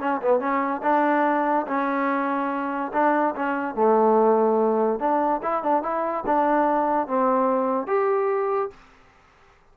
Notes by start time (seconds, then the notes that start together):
0.00 C#4
0.22 B3
0.40 C#4
0.83 D4
1.67 C#4
2.93 D4
3.35 C#4
3.75 A3
5.00 D4
5.43 E4
5.63 D4
5.83 E4
6.26 D4
7.08 C4
7.87 G4